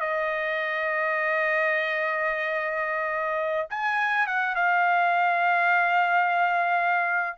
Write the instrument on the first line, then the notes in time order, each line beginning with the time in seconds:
trumpet
0.00 D#5
3.70 G#5
4.27 F#5
4.55 F5